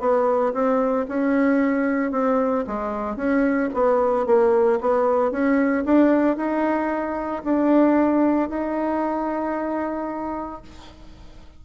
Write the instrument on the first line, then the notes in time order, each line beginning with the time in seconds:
bassoon
0.00 B3
0.53 C4
1.08 C#4
2.12 C4
2.67 G#3
3.17 C#4
3.74 B3
4.26 A#3
4.81 B3
5.31 C#4
5.85 D4
6.37 D#4
7.44 D4
8.49 D#4